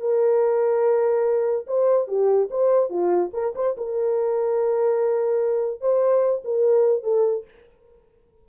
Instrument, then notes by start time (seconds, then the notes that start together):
horn
0.00 A#4
1.66 C5
2.07 G4
2.50 C5
2.89 F4
3.33 A#4
3.55 C5
3.77 A#4
5.80 C5
6.44 A#4
7.03 A4